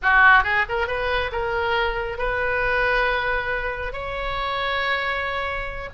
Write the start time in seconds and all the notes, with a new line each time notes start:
0.02 F#4
0.43 G#4
0.68 A#4
0.87 B4
1.31 A#4
2.18 B4
3.92 C#5